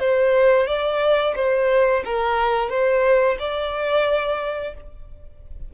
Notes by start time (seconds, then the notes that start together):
0.00 C5
0.67 D5
1.36 C5
2.06 A#4
2.70 C5
3.40 D5